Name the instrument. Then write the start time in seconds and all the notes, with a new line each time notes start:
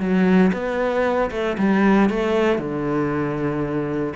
cello
0.00 F#3
0.53 B3
1.31 A3
1.58 G3
2.10 A3
2.59 D3